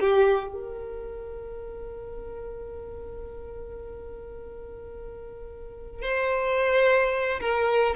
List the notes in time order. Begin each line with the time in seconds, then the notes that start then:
0.00 G4
0.54 A#4
6.03 C5
7.41 A#4